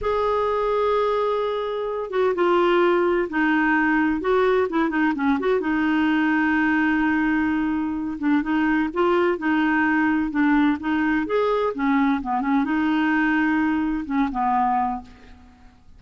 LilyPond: \new Staff \with { instrumentName = "clarinet" } { \time 4/4 \tempo 4 = 128 gis'1~ | gis'8 fis'8 f'2 dis'4~ | dis'4 fis'4 e'8 dis'8 cis'8 fis'8 | dis'1~ |
dis'4. d'8 dis'4 f'4 | dis'2 d'4 dis'4 | gis'4 cis'4 b8 cis'8 dis'4~ | dis'2 cis'8 b4. | }